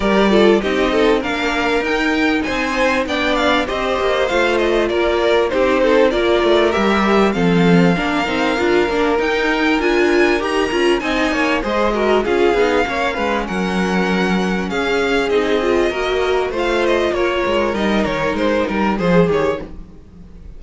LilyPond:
<<
  \new Staff \with { instrumentName = "violin" } { \time 4/4 \tempo 4 = 98 d''4 dis''4 f''4 g''4 | gis''4 g''8 f''8 dis''4 f''8 dis''8 | d''4 c''4 d''4 e''4 | f''2. g''4 |
gis''4 ais''4 gis''4 dis''4 | f''2 fis''2 | f''4 dis''2 f''8 dis''8 | cis''4 dis''8 cis''8 c''8 ais'8 c''8 cis''8 | }
  \new Staff \with { instrumentName = "violin" } { \time 4/4 ais'8 a'8 g'8 a'8 ais'2 | c''4 d''4 c''2 | ais'4 g'8 a'8 ais'2 | a'4 ais'2.~ |
ais'2 dis''8 cis''8 c''8 ais'8 | gis'4 cis''8 b'8 ais'2 | gis'2 ais'4 c''4 | ais'2. gis'4 | }
  \new Staff \with { instrumentName = "viola" } { \time 4/4 g'8 f'8 dis'4 d'4 dis'4~ | dis'4 d'4 g'4 f'4~ | f'4 dis'4 f'4 g'4 | c'4 d'8 dis'8 f'8 d'8 dis'4 |
f'4 g'8 f'8 dis'4 gis'8 fis'8 | f'8 dis'8 cis'2.~ | cis'4 dis'8 f'8 fis'4 f'4~ | f'4 dis'2 gis'8 g'8 | }
  \new Staff \with { instrumentName = "cello" } { \time 4/4 g4 c'4 ais4 dis'4 | c'4 b4 c'8 ais8 a4 | ais4 c'4 ais8 a8 g4 | f4 ais8 c'8 d'8 ais8 dis'4 |
d'4 dis'8 cis'8 c'8 ais8 gis4 | cis'8 b8 ais8 gis8 fis2 | cis'4 c'4 ais4 a4 | ais8 gis8 g8 dis8 gis8 g8 f8 dis8 | }
>>